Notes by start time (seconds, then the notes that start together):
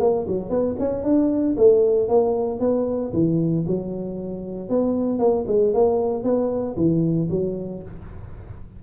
0.00 A#3
0.28 F#3
0.50 B3
0.79 C#4
1.04 D4
1.57 A3
2.09 A#3
2.60 B3
3.13 E3
3.67 F#3
4.70 B3
5.19 A#3
5.48 G#3
5.74 A#3
6.24 B3
6.77 E3
7.30 F#3